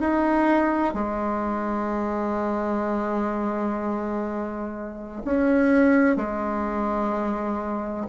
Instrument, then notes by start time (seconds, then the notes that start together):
bassoon
0.00 D#4
0.94 G#3
5.25 C#4
6.16 G#3